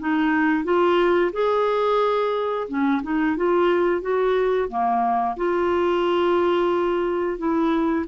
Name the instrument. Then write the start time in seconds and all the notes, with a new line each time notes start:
clarinet
0.00 D#4
0.64 F4
1.33 G#4
2.68 C#4
3.03 D#4
3.37 F4
4.02 F#4
4.69 A#3
5.37 F4
7.39 E4